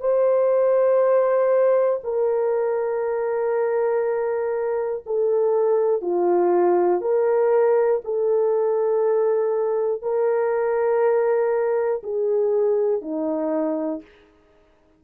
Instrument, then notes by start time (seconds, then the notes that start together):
horn
0.00 C5
2.04 A#4
5.06 A4
6.02 F4
7.01 A#4
8.04 A4
10.02 A#4
12.03 G#4
13.02 D#4